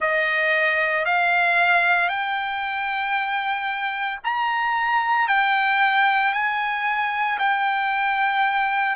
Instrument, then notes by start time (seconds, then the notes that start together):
trumpet
0.00 D#5
1.05 F5
2.08 G5
4.23 A#5
5.28 G5
6.33 G#5
7.38 G5